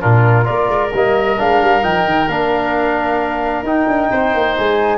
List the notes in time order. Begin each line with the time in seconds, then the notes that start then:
0.00 A#2 D4 F4 A#4
0.44 A#3 F4 A#4 D5
0.68 G#3
0.93 G3 A#3 D#5
1.37 G#3 D4 F5
1.61 G3
1.82 F3 D#4 G5
2.05 D#3
2.27 A#3 D4 F5
3.62 D#4 G5
3.87 D4
4.11 C4 C5
4.34 A#3
4.57 G#3 G#5